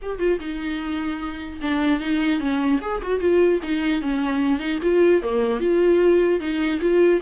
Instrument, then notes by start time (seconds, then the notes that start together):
viola
0.02 G4
0.18 F4
0.39 D#4
1.61 D4
2.00 D#4
2.40 C#4
2.81 G#4
3.02 F#4
3.20 F4
3.63 D#4
4.01 C#4
4.59 D#4
4.82 F4
5.22 A#3
5.60 F4
6.40 D#4
6.81 F4